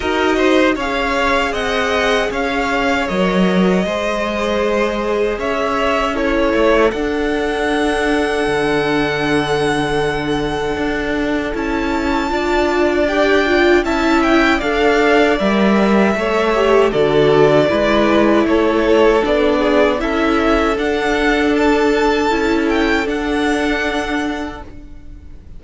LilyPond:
<<
  \new Staff \with { instrumentName = "violin" } { \time 4/4 \tempo 4 = 78 dis''4 f''4 fis''4 f''4 | dis''2. e''4 | cis''4 fis''2.~ | fis''2. a''4~ |
a''4 g''4 a''8 g''8 f''4 | e''2 d''2 | cis''4 d''4 e''4 fis''4 | a''4. g''8 fis''2 | }
  \new Staff \with { instrumentName = "violin" } { \time 4/4 ais'8 c''8 cis''4 dis''4 cis''4~ | cis''4 c''2 cis''4 | a'1~ | a'1 |
d''2 e''4 d''4~ | d''4 cis''4 a'4 b'4 | a'4. gis'8 a'2~ | a'1 | }
  \new Staff \with { instrumentName = "viola" } { \time 4/4 fis'4 gis'2. | ais'4 gis'2. | e'4 d'2.~ | d'2. e'4 |
f'4 g'8 f'8 e'4 a'4 | ais'4 a'8 g'8 fis'4 e'4~ | e'4 d'4 e'4 d'4~ | d'4 e'4 d'2 | }
  \new Staff \with { instrumentName = "cello" } { \time 4/4 dis'4 cis'4 c'4 cis'4 | fis4 gis2 cis'4~ | cis'8 a8 d'2 d4~ | d2 d'4 cis'4 |
d'2 cis'4 d'4 | g4 a4 d4 gis4 | a4 b4 cis'4 d'4~ | d'4 cis'4 d'2 | }
>>